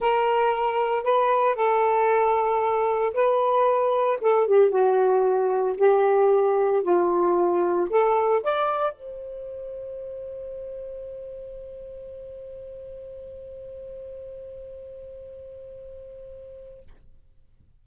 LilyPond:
\new Staff \with { instrumentName = "saxophone" } { \time 4/4 \tempo 4 = 114 ais'2 b'4 a'4~ | a'2 b'2 | a'8 g'8 fis'2 g'4~ | g'4 f'2 a'4 |
d''4 c''2.~ | c''1~ | c''1~ | c''1 | }